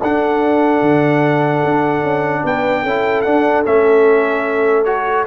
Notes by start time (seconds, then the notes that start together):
0.00 D4 A4 F#5
0.81 D3
1.64 D4
2.02 C#4
2.44 B3 B4 G5
2.82 C#4 E4 A4
3.22 D4 F#5
3.64 A3 C#4 E5
4.84 F#4 C#5